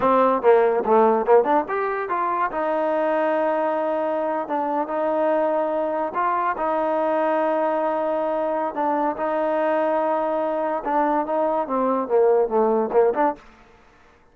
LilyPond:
\new Staff \with { instrumentName = "trombone" } { \time 4/4 \tempo 4 = 144 c'4 ais4 a4 ais8 d'8 | g'4 f'4 dis'2~ | dis'2~ dis'8. d'4 dis'16~ | dis'2~ dis'8. f'4 dis'16~ |
dis'1~ | dis'4 d'4 dis'2~ | dis'2 d'4 dis'4 | c'4 ais4 a4 ais8 d'8 | }